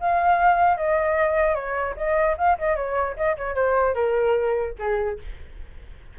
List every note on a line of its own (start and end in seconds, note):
0.00 0.77 F5
0.77 1.55 D#5
1.55 1.95 C#5
1.96 2.36 D#5
2.38 2.58 F5
2.59 2.76 D#5
2.76 3.16 C#5
3.17 3.37 D#5
3.37 3.55 C#5
3.55 3.95 C5
3.95 4.75 A#4
4.79 5.19 G#4